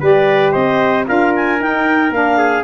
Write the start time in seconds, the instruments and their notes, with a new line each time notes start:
0.00 tuba G3, saxophone G4, trumpet B4, clarinet D5
0.52 tuba C4, trumpet C5, clarinet D#5
1.05 tuba D4, saxophone F4, trumpet A#4, clarinet F5
1.35 clarinet G#5
1.59 saxophone D#4, tuba D#4, clarinet G5
2.10 tuba A#3, saxophone D4, clarinet F5
2.37 trumpet G#4